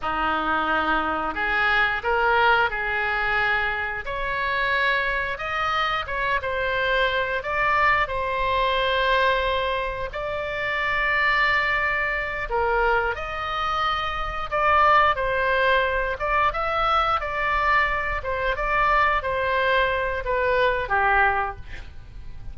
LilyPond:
\new Staff \with { instrumentName = "oboe" } { \time 4/4 \tempo 4 = 89 dis'2 gis'4 ais'4 | gis'2 cis''2 | dis''4 cis''8 c''4. d''4 | c''2. d''4~ |
d''2~ d''8 ais'4 dis''8~ | dis''4. d''4 c''4. | d''8 e''4 d''4. c''8 d''8~ | d''8 c''4. b'4 g'4 | }